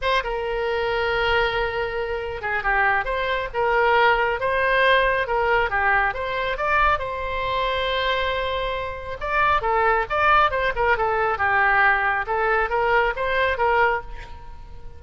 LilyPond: \new Staff \with { instrumentName = "oboe" } { \time 4/4 \tempo 4 = 137 c''8 ais'2.~ ais'8~ | ais'4. gis'8 g'4 c''4 | ais'2 c''2 | ais'4 g'4 c''4 d''4 |
c''1~ | c''4 d''4 a'4 d''4 | c''8 ais'8 a'4 g'2 | a'4 ais'4 c''4 ais'4 | }